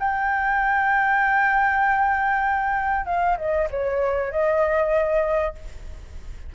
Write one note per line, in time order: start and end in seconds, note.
0.00 3.06 G5
3.06 3.37 F5
3.38 3.69 D#5
3.71 4.32 C#5
4.32 5.56 D#5